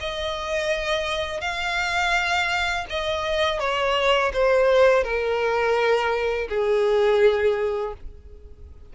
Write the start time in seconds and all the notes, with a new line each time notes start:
0.00 D#5
1.41 F5
2.89 D#5
3.59 C#5
4.33 C5
5.03 A#4
6.49 G#4